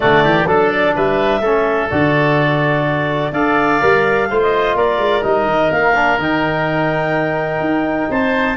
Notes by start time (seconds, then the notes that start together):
0.00 D3 A3 F#4 D5
0.23 E3 G4
0.46 F#3 D4 A4
0.70 D5
0.95 G3 B4 E5
1.39 A3 C#4 A4
1.90 D3 F#4 D5
3.32 D4 A4 D5 F5
3.81 G3 A#4
4.29 A3 F4 C5
4.41 D#5
4.75 A#3 A#4 D5
4.98 G#3
5.22 G3 D#4 D#5
5.45 D#3
5.71 A#3 F5
5.95 D4
6.18 D#3 D#4 G5
7.60 D#4
8.10 C4 C5 A5